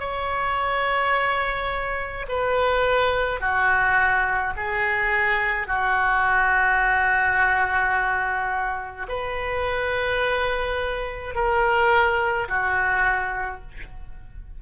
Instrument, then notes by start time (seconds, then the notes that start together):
oboe
0.00 C#5
2.29 B4
3.41 F#4
4.57 G#4
5.68 F#4
9.09 B4
11.35 A#4
12.49 F#4